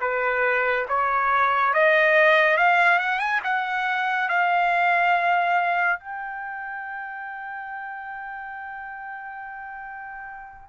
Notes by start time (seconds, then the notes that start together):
0.00 B4
0.88 C#5
1.73 D#5
2.57 F5
2.98 F#5
3.19 G#5
3.43 F#5
4.29 F5
5.99 G5